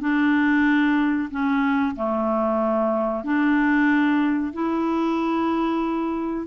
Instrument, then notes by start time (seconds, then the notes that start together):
clarinet
0.00 D4
1.30 C#4
1.95 A3
3.24 D4
4.53 E4